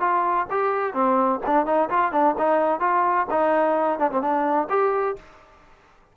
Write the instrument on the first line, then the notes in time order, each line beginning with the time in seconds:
trombone
0.00 F4
0.50 G4
0.93 C4
1.46 D4
1.66 D#4
1.90 F4
2.12 D4
2.38 D#4
2.80 F4
3.30 D#4
3.99 D4
4.11 C4
4.22 D4
4.70 G4